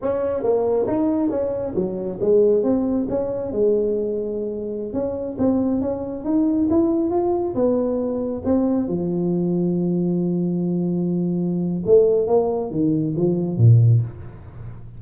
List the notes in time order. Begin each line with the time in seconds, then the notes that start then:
0.02 C#4
0.43 A#3
0.87 D#4
1.30 C#4
1.75 F#3
2.21 G#3
2.63 C4
3.09 C#4
3.52 G#3
4.93 C#4
5.38 C4
5.81 C#4
6.24 D#4
6.70 E4
7.10 F4
7.54 B3
8.44 C4
8.87 F3
11.85 A3
12.27 A#3
12.70 D#3
13.16 F3
13.57 A#2